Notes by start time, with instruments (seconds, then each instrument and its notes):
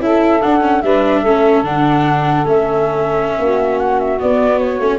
0.00 tuba C#4, viola E4, saxophone A4, flute E5
0.42 viola D4, tuba D4, flute F#5
0.60 viola C#4
0.81 tuba G3, viola D4, saxophone B4, flute E5
1.21 tuba A3, viola C#4, saxophone A4
1.62 tuba D3, viola D4, flute F#5
2.45 tuba A3, viola C#4, flute E5
3.39 tuba A#3, saxophone F#4
3.79 flute F#5
3.99 flute E5
4.19 viola B3, tuba B3, flute D5
4.58 flute C#5
4.79 tuba A3, viola C#4